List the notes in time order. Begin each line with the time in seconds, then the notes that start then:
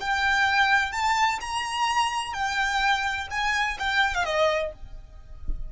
0.00 G5
0.92 A5
1.40 A#5
2.33 G5
3.30 G#5
3.79 G5
4.14 F5
4.25 D#5